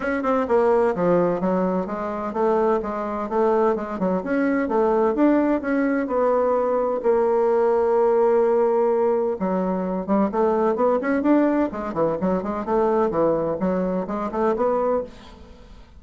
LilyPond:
\new Staff \with { instrumentName = "bassoon" } { \time 4/4 \tempo 4 = 128 cis'8 c'8 ais4 f4 fis4 | gis4 a4 gis4 a4 | gis8 fis8 cis'4 a4 d'4 | cis'4 b2 ais4~ |
ais1 | fis4. g8 a4 b8 cis'8 | d'4 gis8 e8 fis8 gis8 a4 | e4 fis4 gis8 a8 b4 | }